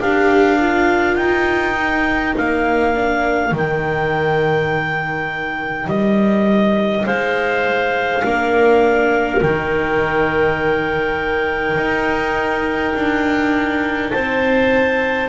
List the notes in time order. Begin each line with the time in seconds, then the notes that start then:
0.00 D4 G4 A#4 F5
0.60 F4
1.16 D#4 G5
1.77 D#4
2.37 A#3 F5
2.94 D4
3.52 D#3 D#4 G5
5.87 G3 D#5
7.06 G#3 C5 F5
8.23 A#3 D4 A#4
9.42 D#3 D#4 G5
11.77 D#4
12.95 D4
14.11 C4 C5 A5